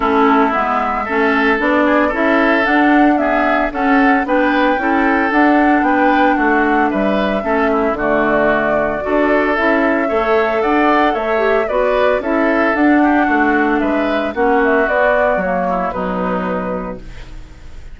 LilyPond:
<<
  \new Staff \with { instrumentName = "flute" } { \time 4/4 \tempo 4 = 113 a'4 e''2 d''4 | e''4 fis''4 e''4 fis''4 | g''2 fis''4 g''4 | fis''4 e''2 d''4~ |
d''2 e''2 | fis''4 e''4 d''4 e''4 | fis''2 e''4 fis''8 e''8 | d''4 cis''4 b'2 | }
  \new Staff \with { instrumentName = "oboe" } { \time 4/4 e'2 a'4. gis'8 | a'2 gis'4 a'4 | b'4 a'2 b'4 | fis'4 b'4 a'8 e'8 fis'4~ |
fis'4 a'2 cis''4 | d''4 cis''4 b'4 a'4~ | a'8 g'8 fis'4 b'4 fis'4~ | fis'4. e'8 dis'2 | }
  \new Staff \with { instrumentName = "clarinet" } { \time 4/4 cis'4 b4 cis'4 d'4 | e'4 d'4 b4 cis'4 | d'4 e'4 d'2~ | d'2 cis'4 a4~ |
a4 fis'4 e'4 a'4~ | a'4. g'8 fis'4 e'4 | d'2. cis'4 | b4 ais4 fis2 | }
  \new Staff \with { instrumentName = "bassoon" } { \time 4/4 a4 gis4 a4 b4 | cis'4 d'2 cis'4 | b4 cis'4 d'4 b4 | a4 g4 a4 d4~ |
d4 d'4 cis'4 a4 | d'4 a4 b4 cis'4 | d'4 a4 gis4 ais4 | b4 fis4 b,2 | }
>>